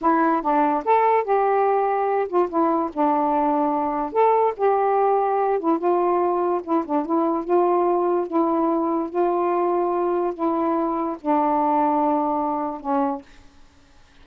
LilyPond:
\new Staff \with { instrumentName = "saxophone" } { \time 4/4 \tempo 4 = 145 e'4 d'4 a'4 g'4~ | g'4. f'8 e'4 d'4~ | d'2 a'4 g'4~ | g'4. e'8 f'2 |
e'8 d'8 e'4 f'2 | e'2 f'2~ | f'4 e'2 d'4~ | d'2. cis'4 | }